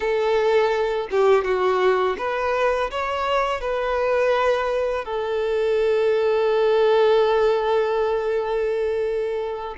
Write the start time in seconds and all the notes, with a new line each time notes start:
0.00 A4
1.10 G4
1.44 F#4
2.18 B4
2.90 C#5
3.60 B4
5.04 A4